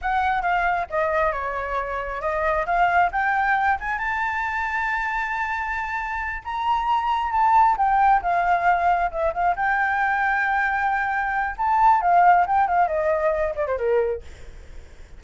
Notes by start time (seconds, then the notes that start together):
0.01 F#5
0.41 F5
0.90 D#5
1.32 C#5
2.21 D#5
2.66 F5
3.11 G5
3.80 G#5
3.98 A5
6.44 A#5
7.31 A5
7.77 G5
8.21 F5
9.11 E5
9.33 F5
9.56 G5
11.57 A5
12.01 F5
12.46 G5
12.67 F5
12.87 D#5
13.55 D5
13.67 C5
13.78 A#4